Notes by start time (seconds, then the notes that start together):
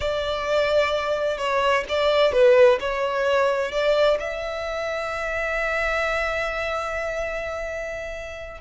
0.00 D5
1.37 C#5
1.88 D5
2.32 B4
2.80 C#5
3.71 D5
4.19 E5